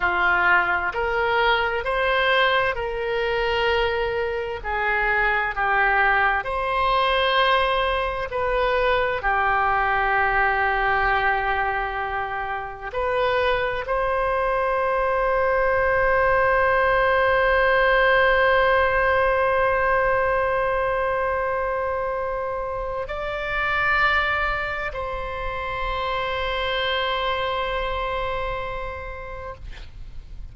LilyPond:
\new Staff \with { instrumentName = "oboe" } { \time 4/4 \tempo 4 = 65 f'4 ais'4 c''4 ais'4~ | ais'4 gis'4 g'4 c''4~ | c''4 b'4 g'2~ | g'2 b'4 c''4~ |
c''1~ | c''1~ | c''4 d''2 c''4~ | c''1 | }